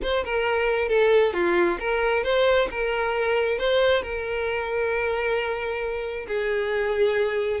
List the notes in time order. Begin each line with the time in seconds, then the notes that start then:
0.02 C5
0.24 A#4
0.88 A4
1.33 F4
1.79 A#4
2.23 C5
2.70 A#4
3.58 C5
4.02 A#4
6.27 G#4